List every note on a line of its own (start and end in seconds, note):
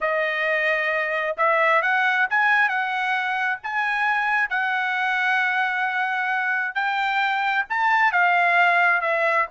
0.00 1.36 D#5
1.37 1.82 E5
1.82 2.27 F#5
2.29 2.68 G#5
2.68 3.58 F#5
3.63 4.49 G#5
4.49 6.74 F#5
6.74 7.65 G5
7.69 8.12 A5
8.12 9.01 F5
9.01 9.46 E5